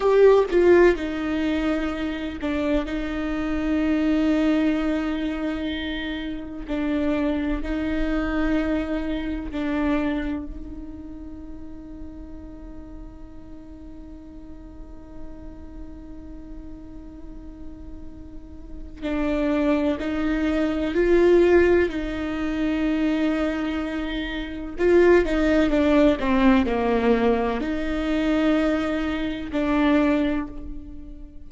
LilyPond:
\new Staff \with { instrumentName = "viola" } { \time 4/4 \tempo 4 = 63 g'8 f'8 dis'4. d'8 dis'4~ | dis'2. d'4 | dis'2 d'4 dis'4~ | dis'1~ |
dis'1 | d'4 dis'4 f'4 dis'4~ | dis'2 f'8 dis'8 d'8 c'8 | ais4 dis'2 d'4 | }